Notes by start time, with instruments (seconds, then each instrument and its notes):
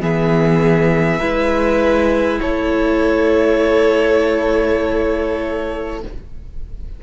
0.00 cello E3, viola B3, violin G#4 E5
1.20 cello G#3, viola E4, violin B4
2.41 cello A3, violin A4 C#5